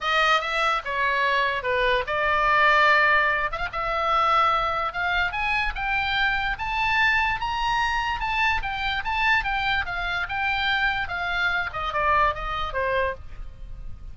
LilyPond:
\new Staff \with { instrumentName = "oboe" } { \time 4/4 \tempo 4 = 146 dis''4 e''4 cis''2 | b'4 d''2.~ | d''8 e''16 f''16 e''2. | f''4 gis''4 g''2 |
a''2 ais''2 | a''4 g''4 a''4 g''4 | f''4 g''2 f''4~ | f''8 dis''8 d''4 dis''4 c''4 | }